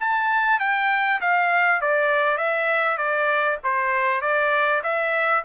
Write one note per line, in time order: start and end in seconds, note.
0.00 0.60 A5
0.60 1.20 G5
1.21 1.81 F5
1.81 2.37 D5
2.37 2.98 E5
2.98 3.58 D5
3.64 4.21 C5
4.21 4.82 D5
4.83 5.44 E5